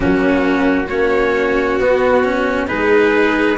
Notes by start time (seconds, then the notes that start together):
0.00 F#3 A#3 C#4 F#4
0.85 A#3 C#4 F#4 C#5
1.79 B3 F#4
2.23 C#4
2.67 G#3 D#4 G#4 B4